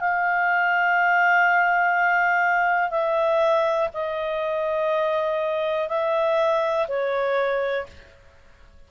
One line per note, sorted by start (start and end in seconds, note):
0.00 2.90 F5
2.90 3.89 E5
3.94 5.88 D#5
5.88 6.87 E5
6.88 7.86 C#5